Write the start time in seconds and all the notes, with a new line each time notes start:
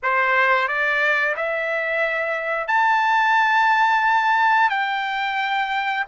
0.02 C5
0.67 D5
1.36 E5
2.67 A5
4.69 G5